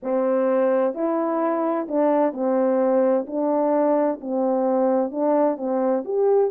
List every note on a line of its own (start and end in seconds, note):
0.02 0.94 C4
0.94 1.87 E4
1.88 2.33 D4
2.33 3.26 C4
3.26 4.19 D4
4.20 5.11 C4
5.11 5.57 D4
5.57 6.03 C4
6.04 6.51 G4